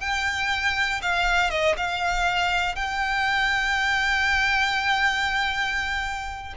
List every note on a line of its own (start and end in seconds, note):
0.00 1.01 G5
1.02 1.50 F5
1.50 1.75 D#5
1.76 2.75 F5
2.75 6.53 G5